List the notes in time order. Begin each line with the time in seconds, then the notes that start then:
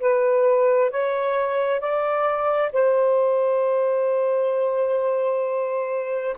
0.00 B4
0.91 C#5
1.81 D5
2.73 C5